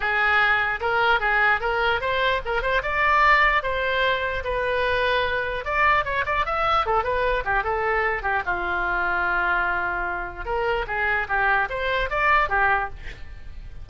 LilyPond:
\new Staff \with { instrumentName = "oboe" } { \time 4/4 \tempo 4 = 149 gis'2 ais'4 gis'4 | ais'4 c''4 ais'8 c''8 d''4~ | d''4 c''2 b'4~ | b'2 d''4 cis''8 d''8 |
e''4 a'8 b'4 g'8 a'4~ | a'8 g'8 f'2.~ | f'2 ais'4 gis'4 | g'4 c''4 d''4 g'4 | }